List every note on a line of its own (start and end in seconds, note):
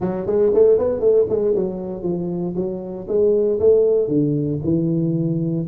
0.00 0.26 F#3
0.26 0.52 G#3
0.53 0.78 A3
0.78 1.00 B3
1.00 1.25 A3
1.29 1.54 G#3
1.55 2.03 F#3
2.03 2.54 F3
2.55 3.07 F#3
3.07 3.59 G#3
3.59 4.07 A3
4.07 4.59 D3
4.63 5.66 E3